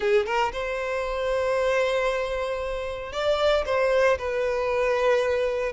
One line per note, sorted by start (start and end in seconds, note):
0.00 0.26 G#4
0.26 0.52 A#4
0.52 3.12 C5
3.12 3.64 D5
3.65 4.17 C5
4.18 5.72 B4